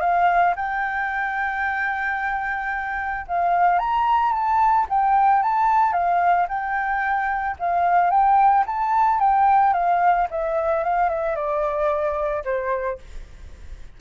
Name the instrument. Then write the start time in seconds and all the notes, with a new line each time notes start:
flute
0.00 F5
0.56 G5
3.27 F5
3.79 A#5
4.32 A5
4.89 G5
5.43 A5
5.92 F5
6.48 G5
7.59 F5
8.10 G5
8.66 A5
9.19 G5
9.73 F5
10.30 E5
10.83 F5
11.09 E5
11.35 D5
12.44 C5